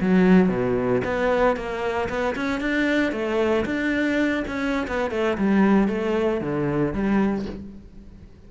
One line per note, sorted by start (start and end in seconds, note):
0.00 0.49 F#3
0.49 1.01 B2
1.04 1.56 B3
1.56 2.09 A#3
2.09 2.35 B3
2.35 2.60 C#4
2.60 3.12 D4
3.12 3.64 A3
3.65 4.44 D4
4.47 4.87 C#4
4.87 5.11 B3
5.11 5.37 A3
5.38 5.88 G3
5.88 6.40 A3
6.41 6.93 D3
6.93 7.45 G3